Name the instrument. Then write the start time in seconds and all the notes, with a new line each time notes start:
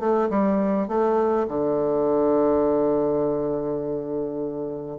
bassoon
0.00 A3
0.30 G3
0.88 A3
1.48 D3